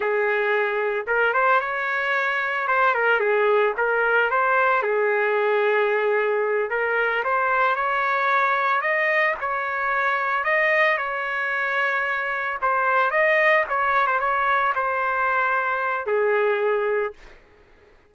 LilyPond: \new Staff \with { instrumentName = "trumpet" } { \time 4/4 \tempo 4 = 112 gis'2 ais'8 c''8 cis''4~ | cis''4 c''8 ais'8 gis'4 ais'4 | c''4 gis'2.~ | gis'8 ais'4 c''4 cis''4.~ |
cis''8 dis''4 cis''2 dis''8~ | dis''8 cis''2. c''8~ | c''8 dis''4 cis''8. c''16 cis''4 c''8~ | c''2 gis'2 | }